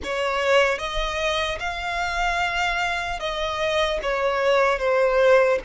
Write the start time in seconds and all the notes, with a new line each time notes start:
0.03 C#5
0.78 D#5
1.59 F5
3.19 D#5
4.02 C#5
4.79 C5